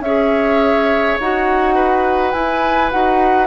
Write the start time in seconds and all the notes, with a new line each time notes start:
0.00 C#4 G#4 C#5 E5
1.20 D#4 F#4 F#5
1.75 B4
2.32 E4 G#5
2.91 D#4 F#4 F#5